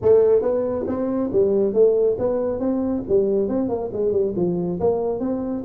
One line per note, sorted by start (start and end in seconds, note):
0.01 0.42 A3
0.42 0.85 B3
0.87 1.30 C4
1.32 1.73 G3
1.73 2.16 A3
2.18 2.59 B3
2.59 3.03 C4
3.08 3.48 G3
3.48 3.68 C4
3.68 3.90 A#3
3.92 4.12 G#3
4.12 4.34 G3
4.36 4.79 F3
4.80 5.19 A#3
5.19 5.63 C4